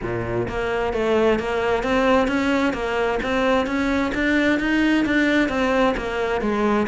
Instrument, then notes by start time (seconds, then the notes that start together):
cello
0.02 A#2
0.48 A#3
0.93 A3
1.39 A#3
1.83 C4
2.27 C#4
2.73 A#3
3.22 C4
3.66 C#4
4.14 D4
4.59 D#4
5.05 D4
5.48 C4
5.96 A#3
6.41 G#3